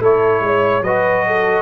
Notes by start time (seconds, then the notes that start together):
0.00 A3 E4 A4 C#5
0.41 G#3 C#5
0.82 F#3 F#4 B4 D#5
1.27 A4